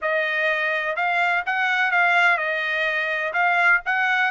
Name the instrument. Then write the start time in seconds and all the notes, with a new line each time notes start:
trumpet
0.01 D#5
0.96 F5
1.46 F#5
1.91 F5
2.37 D#5
3.33 F5
3.85 F#5